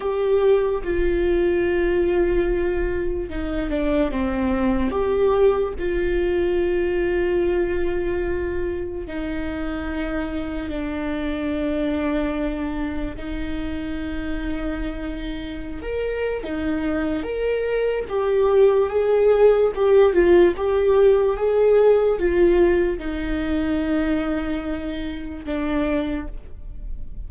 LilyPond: \new Staff \with { instrumentName = "viola" } { \time 4/4 \tempo 4 = 73 g'4 f'2. | dis'8 d'8 c'4 g'4 f'4~ | f'2. dis'4~ | dis'4 d'2. |
dis'2.~ dis'16 ais'8. | dis'4 ais'4 g'4 gis'4 | g'8 f'8 g'4 gis'4 f'4 | dis'2. d'4 | }